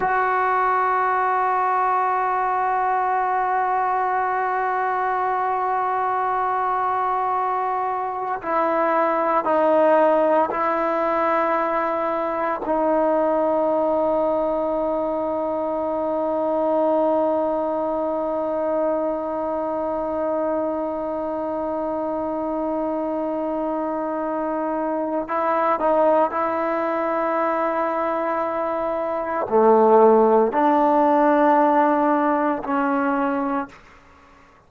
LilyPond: \new Staff \with { instrumentName = "trombone" } { \time 4/4 \tempo 4 = 57 fis'1~ | fis'1 | e'4 dis'4 e'2 | dis'1~ |
dis'1~ | dis'1 | e'8 dis'8 e'2. | a4 d'2 cis'4 | }